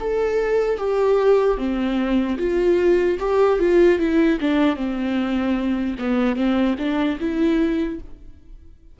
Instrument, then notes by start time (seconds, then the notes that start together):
viola
0.00 A4
0.77 G4
1.57 C4
2.38 F4
3.19 G4
3.59 F4
3.99 E4
4.40 D4
4.76 C4
5.99 B3
6.35 C4
6.78 D4
7.19 E4